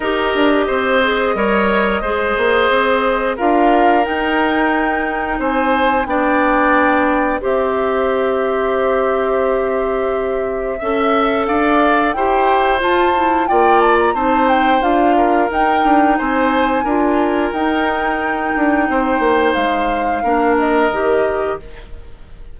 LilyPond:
<<
  \new Staff \with { instrumentName = "flute" } { \time 4/4 \tempo 4 = 89 dis''1~ | dis''4 f''4 g''2 | gis''4 g''2 e''4~ | e''1~ |
e''4 f''4 g''4 a''4 | g''8 a''16 ais''16 a''8 g''8 f''4 g''4 | gis''2 g''2~ | g''4 f''4. dis''4. | }
  \new Staff \with { instrumentName = "oboe" } { \time 4/4 ais'4 c''4 cis''4 c''4~ | c''4 ais'2. | c''4 d''2 c''4~ | c''1 |
e''4 d''4 c''2 | d''4 c''4. ais'4. | c''4 ais'2. | c''2 ais'2 | }
  \new Staff \with { instrumentName = "clarinet" } { \time 4/4 g'4. gis'8 ais'4 gis'4~ | gis'4 f'4 dis'2~ | dis'4 d'2 g'4~ | g'1 |
a'2 g'4 f'8 e'8 | f'4 dis'4 f'4 dis'4~ | dis'4 f'4 dis'2~ | dis'2 d'4 g'4 | }
  \new Staff \with { instrumentName = "bassoon" } { \time 4/4 dis'8 d'8 c'4 g4 gis8 ais8 | c'4 d'4 dis'2 | c'4 b2 c'4~ | c'1 |
cis'4 d'4 e'4 f'4 | ais4 c'4 d'4 dis'8 d'8 | c'4 d'4 dis'4. d'8 | c'8 ais8 gis4 ais4 dis4 | }
>>